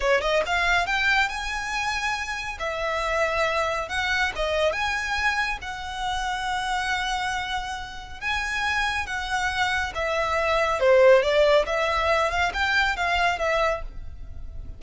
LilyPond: \new Staff \with { instrumentName = "violin" } { \time 4/4 \tempo 4 = 139 cis''8 dis''8 f''4 g''4 gis''4~ | gis''2 e''2~ | e''4 fis''4 dis''4 gis''4~ | gis''4 fis''2.~ |
fis''2. gis''4~ | gis''4 fis''2 e''4~ | e''4 c''4 d''4 e''4~ | e''8 f''8 g''4 f''4 e''4 | }